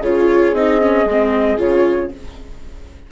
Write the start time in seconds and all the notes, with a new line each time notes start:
0.00 C#3 F4 G#4 C#5
0.53 C4 D#4 D#5
0.81 C#4
1.05 G#3 C4
1.57 C#3 F4 C#5